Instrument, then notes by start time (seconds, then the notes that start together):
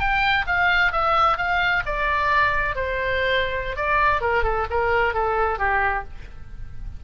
oboe
0.00 G5
0.47 F5
0.92 E5
1.38 F5
1.86 D5
2.76 C5
3.76 D5
4.21 A#4
4.44 A4
4.70 A#4
5.14 A4
5.59 G4